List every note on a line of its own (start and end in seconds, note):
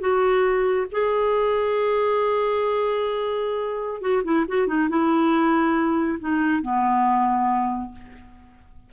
0.00 0.86 F#4
0.92 4.01 G#4
4.01 4.23 F#4
4.24 4.46 E4
4.48 4.68 F#4
4.68 4.89 D#4
4.90 6.19 E4
6.20 6.62 D#4
6.62 7.92 B3